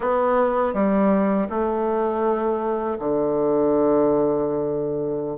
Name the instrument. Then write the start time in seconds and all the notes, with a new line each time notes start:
bassoon
0.00 B3
0.73 G3
1.49 A3
2.99 D3